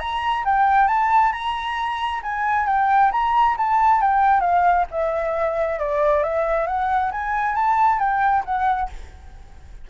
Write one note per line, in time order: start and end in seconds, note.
0.00 0.44 A#5
0.45 0.88 G5
0.88 1.33 A5
1.33 2.22 A#5
2.23 2.67 G#5
2.67 3.12 G5
3.12 3.57 A#5
3.58 4.01 A5
4.01 4.41 G5
4.41 4.85 F5
4.91 5.80 E5
5.80 6.24 D5
6.24 6.67 E5
6.67 7.12 F#5
7.12 7.56 G#5
7.56 8.00 A5
8.00 8.44 G5
8.46 8.90 F#5